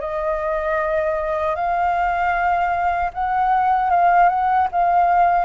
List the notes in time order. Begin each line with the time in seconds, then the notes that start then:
0.00 D#5
1.55 F5
3.13 F#5
3.90 F5
4.29 F#5
4.71 F5